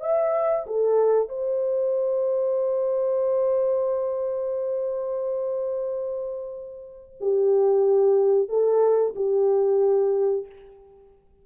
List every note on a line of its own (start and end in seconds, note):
0.00 0.65 E5
0.66 1.29 A4
1.29 7.16 C5
7.20 8.49 G4
8.49 9.14 A4
9.15 10.46 G4